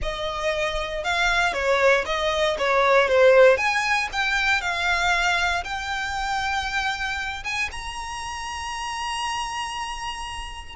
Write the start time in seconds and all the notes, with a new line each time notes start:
0.02 D#5
1.04 F5
1.53 C#5
2.05 D#5
2.58 C#5
3.08 C5
3.57 G#5
4.12 G5
4.61 F5
5.64 G5
7.44 G#5
7.71 A#5